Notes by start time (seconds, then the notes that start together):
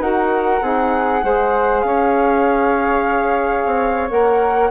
0.00 D#4 F#4 A#4 F#5
0.62 C4 D#4 G#4
1.22 G#3 G#4 C5
1.81 C#4 C#5 F5
3.66 C4
4.10 A#3 A#4 F#5